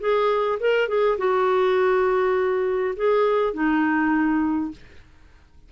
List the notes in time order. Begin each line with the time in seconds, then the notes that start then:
0.00 G#4
0.60 A#4
0.88 G#4
1.18 F#4
2.96 G#4
3.53 D#4